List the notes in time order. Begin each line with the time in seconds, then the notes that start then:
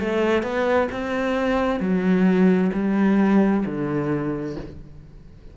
0.00 A3
0.43 B3
0.92 C4
1.80 F#3
2.74 G3
3.66 D3